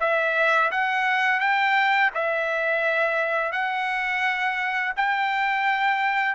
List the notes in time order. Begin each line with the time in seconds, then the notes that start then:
0.00 E5
0.71 F#5
1.40 G5
2.14 E5
3.52 F#5
4.96 G5